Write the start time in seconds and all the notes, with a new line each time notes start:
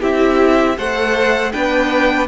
0.00 C4 E4 G4 E5
0.77 A3 A4 C5 F#5
1.52 B3 D4 B4 G5